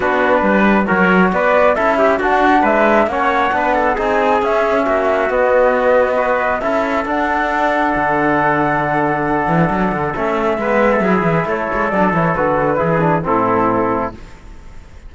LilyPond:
<<
  \new Staff \with { instrumentName = "flute" } { \time 4/4 \tempo 4 = 136 b'2 cis''4 d''4 | e''4 fis''4 e''4 fis''4~ | fis''4 gis''4 e''2 | dis''2. e''4 |
fis''1~ | fis''2. e''4~ | e''2 cis''4 d''8 cis''8 | b'2 a'2 | }
  \new Staff \with { instrumentName = "trumpet" } { \time 4/4 fis'4 b'4 ais'4 b'4 | a'8 g'8 fis'4 b'4 cis''4 | b'8 a'8 gis'2 fis'4~ | fis'2 b'4 a'4~ |
a'1~ | a'1 | b'8. a'16 gis'4 a'2~ | a'4 gis'4 e'2 | }
  \new Staff \with { instrumentName = "trombone" } { \time 4/4 d'2 fis'2 | e'4 d'2 cis'4 | d'4 dis'4 cis'2 | b2 fis'4 e'4 |
d'1~ | d'2. cis'4 | b4 e'2 d'8 e'8 | fis'4 e'8 d'8 c'2 | }
  \new Staff \with { instrumentName = "cello" } { \time 4/4 b4 g4 fis4 b4 | cis'4 d'4 gis4 ais4 | b4 c'4 cis'4 ais4 | b2. cis'4 |
d'2 d2~ | d4. e8 fis8 d8 a4 | gis4 fis8 e8 a8 gis8 fis8 e8 | d4 e4 a,2 | }
>>